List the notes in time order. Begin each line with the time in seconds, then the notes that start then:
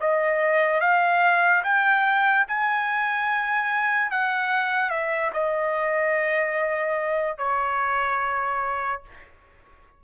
0.00 D#5
0.81 F5
1.64 G5
2.48 G#5
4.11 F#5
4.90 E5
5.33 D#5
7.38 C#5